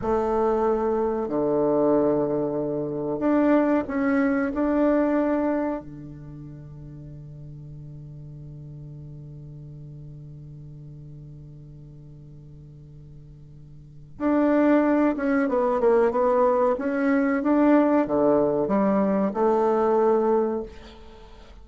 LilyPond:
\new Staff \with { instrumentName = "bassoon" } { \time 4/4 \tempo 4 = 93 a2 d2~ | d4 d'4 cis'4 d'4~ | d'4 d2.~ | d1~ |
d1~ | d2 d'4. cis'8 | b8 ais8 b4 cis'4 d'4 | d4 g4 a2 | }